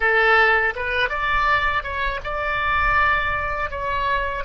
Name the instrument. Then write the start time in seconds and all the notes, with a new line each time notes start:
oboe
0.00 A4
0.75 B4
1.09 D5
1.83 C#5
2.23 D5
3.70 C#5